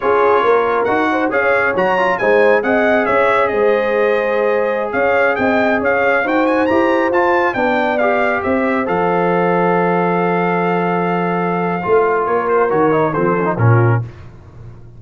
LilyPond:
<<
  \new Staff \with { instrumentName = "trumpet" } { \time 4/4 \tempo 4 = 137 cis''2 fis''4 f''4 | ais''4 gis''4 fis''4 e''4 | dis''2.~ dis''16 f''8.~ | f''16 g''4 f''4 g''8 gis''8 ais''8.~ |
ais''16 a''4 g''4 f''4 e''8.~ | e''16 f''2.~ f''8.~ | f''1 | cis''8 c''8 cis''4 c''4 ais'4 | }
  \new Staff \with { instrumentName = "horn" } { \time 4/4 gis'4 ais'4. c''8 cis''4~ | cis''4 c''4 dis''4 cis''4 | c''2.~ c''16 cis''8.~ | cis''16 dis''4 cis''4 c''4.~ c''16~ |
c''4~ c''16 d''2 c''8.~ | c''1~ | c''1 | ais'2 a'4 f'4 | }
  \new Staff \with { instrumentName = "trombone" } { \time 4/4 f'2 fis'4 gis'4 | fis'8 f'8 dis'4 gis'2~ | gis'1~ | gis'2~ gis'16 fis'4 g'8.~ |
g'16 f'4 d'4 g'4.~ g'16~ | g'16 a'2.~ a'8.~ | a'2. f'4~ | f'4 fis'8 dis'8 c'8 cis'16 dis'16 cis'4 | }
  \new Staff \with { instrumentName = "tuba" } { \time 4/4 cis'4 ais4 dis'4 cis'4 | fis4 gis4 c'4 cis'4 | gis2.~ gis16 cis'8.~ | cis'16 c'4 cis'4 dis'4 e'8.~ |
e'16 f'4 b2 c'8.~ | c'16 f2.~ f8.~ | f2. a4 | ais4 dis4 f4 ais,4 | }
>>